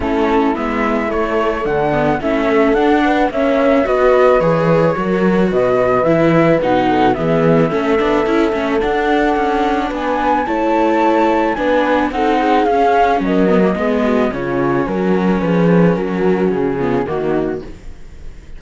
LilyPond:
<<
  \new Staff \with { instrumentName = "flute" } { \time 4/4 \tempo 4 = 109 a'4 e''4 cis''4 fis''4 | e''4 fis''4 e''4 dis''4 | cis''2 dis''4 e''4 | fis''4 e''2. |
fis''2 gis''4 a''4~ | a''4 gis''4 fis''4 f''4 | dis''2 cis''4 ais'4 | b'4 ais'4 gis'4 fis'4 | }
  \new Staff \with { instrumentName = "horn" } { \time 4/4 e'2. d'4 | e'8 a'4 b'8 cis''4 b'4~ | b'4 ais'4 b'2~ | b'8 a'8 gis'4 a'2~ |
a'2 b'4 cis''4~ | cis''4 b'4 a'8 gis'4. | ais'4 gis'8 fis'8 f'4 fis'4 | gis'4 fis'4. f'8 dis'4 | }
  \new Staff \with { instrumentName = "viola" } { \time 4/4 cis'4 b4 a4. b8 | cis'4 d'4 cis'4 fis'4 | gis'4 fis'2 e'4 | dis'4 b4 cis'8 d'8 e'8 cis'8 |
d'2. e'4~ | e'4 d'4 dis'4 cis'4~ | cis'8 b16 ais16 b4 cis'2~ | cis'2~ cis'8 b8 ais4 | }
  \new Staff \with { instrumentName = "cello" } { \time 4/4 a4 gis4 a4 d4 | a4 d'4 ais4 b4 | e4 fis4 b,4 e4 | b,4 e4 a8 b8 cis'8 a8 |
d'4 cis'4 b4 a4~ | a4 b4 c'4 cis'4 | fis4 gis4 cis4 fis4 | f4 fis4 cis4 dis4 | }
>>